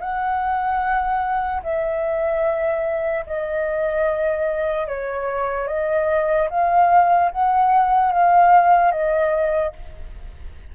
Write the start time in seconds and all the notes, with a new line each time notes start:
0.00 F#5
1.63 E5
3.26 D#5
4.87 C#5
5.67 D#5
6.49 F5
7.31 F#5
8.12 F5
8.91 D#5